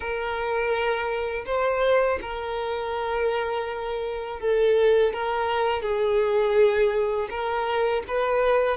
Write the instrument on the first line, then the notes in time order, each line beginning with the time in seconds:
violin
0.00 A#4
1.46 C5
2.22 A#4
4.40 A4
5.13 A#4
5.82 G#4
7.30 A#4
8.07 B4